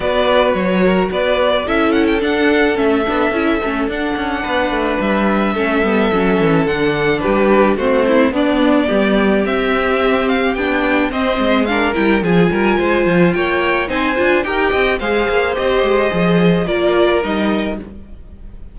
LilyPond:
<<
  \new Staff \with { instrumentName = "violin" } { \time 4/4 \tempo 4 = 108 d''4 cis''4 d''4 e''8 fis''16 g''16 | fis''4 e''2 fis''4~ | fis''4 e''2. | fis''4 b'4 c''4 d''4~ |
d''4 e''4. f''8 g''4 | dis''4 f''8 g''8 gis''2 | g''4 gis''4 g''4 f''4 | dis''2 d''4 dis''4 | }
  \new Staff \with { instrumentName = "violin" } { \time 4/4 b'4. ais'8 b'4 a'4~ | a'1 | b'2 a'2~ | a'4 g'4 fis'8 e'8 d'4 |
g'1 | c''4 ais'4 gis'8 ais'8 c''4 | cis''4 c''4 ais'8 dis''8 c''4~ | c''2 ais'2 | }
  \new Staff \with { instrumentName = "viola" } { \time 4/4 fis'2. e'4 | d'4 cis'8 d'8 e'8 cis'8 d'4~ | d'2 cis'8 b8 cis'4 | d'2 c'4 b4~ |
b4 c'2 d'4 | c'4 d'8 e'8 f'2~ | f'4 dis'8 f'8 g'4 gis'4 | g'4 gis'4 f'4 dis'4 | }
  \new Staff \with { instrumentName = "cello" } { \time 4/4 b4 fis4 b4 cis'4 | d'4 a8 b8 cis'8 a8 d'8 cis'8 | b8 a8 g4 a8 g8 fis8 e8 | d4 g4 a4 b4 |
g4 c'2 b4 | c'8 gis4 g8 f8 g8 gis8 f8 | ais4 c'8 d'8 dis'8 c'8 gis8 ais8 | c'8 gis8 f4 ais4 g4 | }
>>